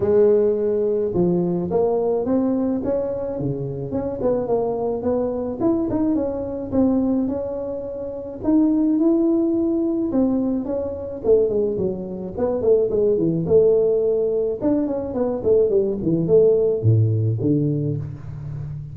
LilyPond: \new Staff \with { instrumentName = "tuba" } { \time 4/4 \tempo 4 = 107 gis2 f4 ais4 | c'4 cis'4 cis4 cis'8 b8 | ais4 b4 e'8 dis'8 cis'4 | c'4 cis'2 dis'4 |
e'2 c'4 cis'4 | a8 gis8 fis4 b8 a8 gis8 e8 | a2 d'8 cis'8 b8 a8 | g8 e8 a4 a,4 d4 | }